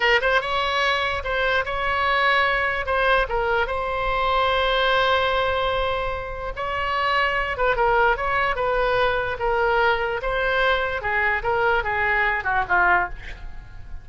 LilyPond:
\new Staff \with { instrumentName = "oboe" } { \time 4/4 \tempo 4 = 147 ais'8 c''8 cis''2 c''4 | cis''2. c''4 | ais'4 c''2.~ | c''1 |
cis''2~ cis''8 b'8 ais'4 | cis''4 b'2 ais'4~ | ais'4 c''2 gis'4 | ais'4 gis'4. fis'8 f'4 | }